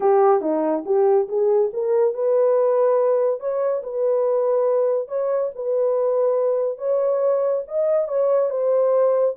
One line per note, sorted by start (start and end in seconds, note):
0.00 0.41 G4
0.41 0.84 D#4
0.85 1.28 G4
1.28 1.71 G#4
1.73 2.14 A#4
2.14 3.40 B4
3.40 3.82 C#5
3.83 5.08 B4
5.08 5.50 C#5
5.55 6.78 B4
6.78 7.63 C#5
7.67 8.08 D#5
8.08 8.50 C#5
8.50 9.35 C5